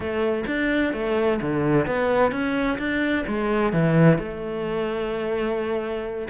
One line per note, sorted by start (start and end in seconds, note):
0.00 0.44 A3
0.46 0.93 D4
0.93 1.40 A3
1.41 1.86 D3
1.86 2.31 B3
2.31 2.78 C#4
2.78 3.25 D4
3.27 3.72 G#3
3.72 4.18 E3
4.18 6.27 A3